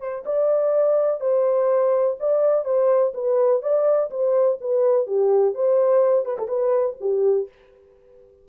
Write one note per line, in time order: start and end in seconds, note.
0.00 0.24 C5
0.26 1.20 D5
1.20 2.16 C5
2.19 2.65 D5
2.65 3.13 C5
3.14 3.62 B4
3.62 4.10 D5
4.10 4.58 C5
4.61 5.07 B4
5.07 5.54 G4
5.54 6.25 C5
6.25 6.37 B4
6.39 6.48 A4
6.48 6.96 B4
7.00 7.48 G4